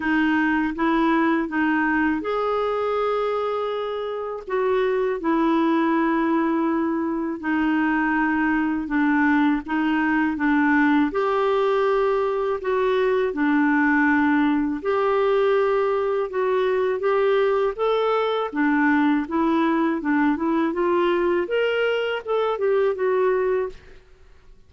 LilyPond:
\new Staff \with { instrumentName = "clarinet" } { \time 4/4 \tempo 4 = 81 dis'4 e'4 dis'4 gis'4~ | gis'2 fis'4 e'4~ | e'2 dis'2 | d'4 dis'4 d'4 g'4~ |
g'4 fis'4 d'2 | g'2 fis'4 g'4 | a'4 d'4 e'4 d'8 e'8 | f'4 ais'4 a'8 g'8 fis'4 | }